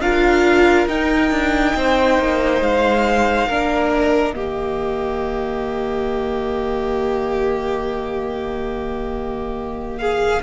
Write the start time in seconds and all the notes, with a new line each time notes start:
0.00 D4 F4 A#4 F5
0.88 D#4 G5
1.31 D4
1.76 C4 C5
2.19 A#3
2.62 G#3 F5
3.48 A#3 D4 A#4
3.91 D#5
4.35 D#3 A#3 G4
9.99 G#4 F5